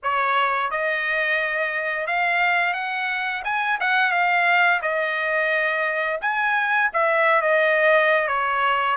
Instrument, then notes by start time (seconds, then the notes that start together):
trumpet
0.02 C#5
0.70 D#5
2.07 F5
2.73 F#5
3.44 G#5
3.80 F#5
4.11 F5
4.82 D#5
6.21 G#5
6.93 E5
7.41 D#5
8.27 C#5